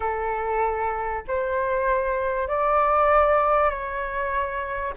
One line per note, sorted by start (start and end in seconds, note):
0.00 1.23 A4
1.27 2.47 C5
2.47 3.69 D5
3.69 4.93 C#5